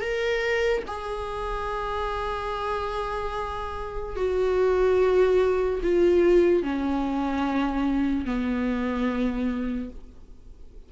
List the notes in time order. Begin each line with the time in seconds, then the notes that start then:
0.00 A#4
0.87 G#4
4.16 F#4
5.82 F4
6.63 C#4
8.25 B3